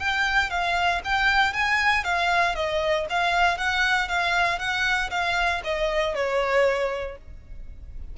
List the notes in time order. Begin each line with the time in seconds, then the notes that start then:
0.00 G5
0.51 F5
1.05 G5
1.54 G#5
2.04 F5
2.56 D#5
3.10 F5
3.58 F#5
4.09 F5
4.59 F#5
5.11 F5
5.65 D#5
6.15 C#5